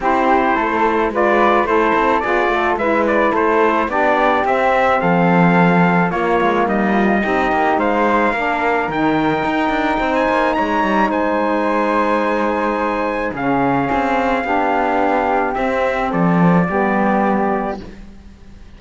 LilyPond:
<<
  \new Staff \with { instrumentName = "trumpet" } { \time 4/4 \tempo 4 = 108 c''2 d''4 c''4 | d''4 e''8 d''8 c''4 d''4 | e''4 f''2 cis''4 | dis''2 f''2 |
g''2~ g''16 gis''8. ais''4 | gis''1 | f''1 | e''4 d''2. | }
  \new Staff \with { instrumentName = "flute" } { \time 4/4 g'4 a'4 b'4 a'4 | gis'8 a'8 b'4 a'4 g'4~ | g'4 a'2 f'4 | dis'8 f'8 g'4 c''4 ais'4~ |
ais'2 c''4 cis''4 | c''1 | gis'2 g'2~ | g'4 a'4 g'2 | }
  \new Staff \with { instrumentName = "saxophone" } { \time 4/4 e'2 f'4 e'4 | f'4 e'2 d'4 | c'2. ais4~ | ais4 dis'2 d'4 |
dis'1~ | dis'1 | cis'2 d'2 | c'2 b2 | }
  \new Staff \with { instrumentName = "cello" } { \time 4/4 c'4 a4 gis4 a8 c'8 | b8 a8 gis4 a4 b4 | c'4 f2 ais8 gis8 | g4 c'8 ais8 gis4 ais4 |
dis4 dis'8 d'8 c'8 ais8 gis8 g8 | gis1 | cis4 c'4 b2 | c'4 f4 g2 | }
>>